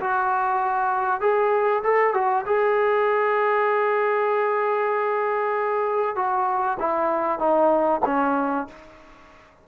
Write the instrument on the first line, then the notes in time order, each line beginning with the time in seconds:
trombone
0.00 F#4
1.21 G#4
1.83 A4
2.14 F#4
2.46 G#4
6.15 F#4
6.79 E4
7.39 D#4
8.05 C#4